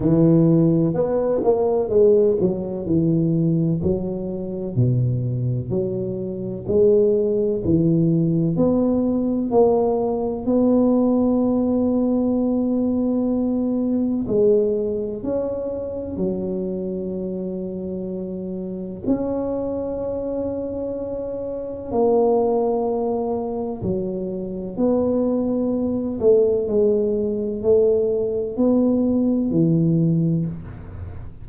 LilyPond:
\new Staff \with { instrumentName = "tuba" } { \time 4/4 \tempo 4 = 63 e4 b8 ais8 gis8 fis8 e4 | fis4 b,4 fis4 gis4 | e4 b4 ais4 b4~ | b2. gis4 |
cis'4 fis2. | cis'2. ais4~ | ais4 fis4 b4. a8 | gis4 a4 b4 e4 | }